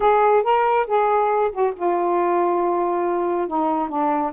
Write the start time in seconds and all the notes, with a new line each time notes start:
0.00 G#4
0.43 A#4
0.86 G#4
1.52 F#4
1.76 F4
3.47 D#4
3.88 D4